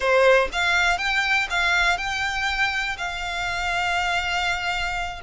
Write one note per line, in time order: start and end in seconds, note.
0.00 0.48 C5
0.52 0.98 F5
0.98 1.47 G5
1.50 1.97 F5
1.97 2.96 G5
2.97 5.20 F5